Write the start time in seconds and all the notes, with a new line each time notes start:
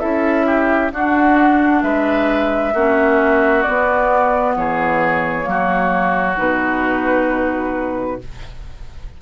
0.00 C#4 E4 A4 E5
0.46 G4
0.91 D4 F#4 F#5
1.83 G#3 B4 E5
2.74 A#3 C#4 F#4
3.63 B3 D5
4.57 E3 G#4 C#5
5.42 F#3 A#3
5.49 F#4
6.37 B2 D#4 B4